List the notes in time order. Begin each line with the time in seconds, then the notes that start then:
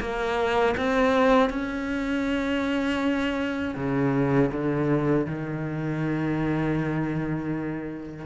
0.00 A#3
0.77 C4
1.50 C#4
3.75 C#3
4.52 D3
5.26 D#3